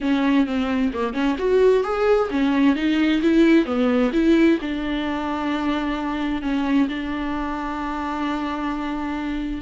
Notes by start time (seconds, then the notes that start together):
0.00 C#4
0.46 C4
0.93 A#3
1.13 C#4
1.38 F#4
1.83 G#4
2.30 C#4
2.75 D#4
3.22 E4
3.65 B3
4.12 E4
4.61 D4
6.42 C#4
6.88 D4